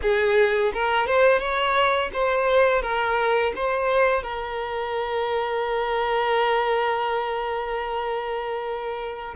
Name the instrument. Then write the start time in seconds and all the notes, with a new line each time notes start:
violin
0.02 G#4
0.73 A#4
1.06 C5
1.39 C#5
2.13 C5
2.82 A#4
3.55 C5
4.23 A#4